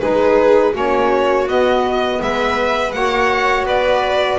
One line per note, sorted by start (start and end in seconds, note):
0.00 0.75 G#3
0.00 0.73 D#4
0.00 0.73 G#4
0.00 0.73 B4
0.73 1.47 A#3
0.73 1.46 C#4
0.73 2.20 F#4
0.73 1.49 C#5
1.46 2.92 B3
1.46 2.20 B3
1.46 2.22 D#5
2.22 2.93 G#3
2.22 2.97 B4
2.22 2.92 E5
2.92 3.64 A#3
2.92 4.39 F#4
2.92 3.66 C#5
2.92 3.65 F#5
3.64 4.37 B3
3.64 4.39 B4
3.64 4.39 D5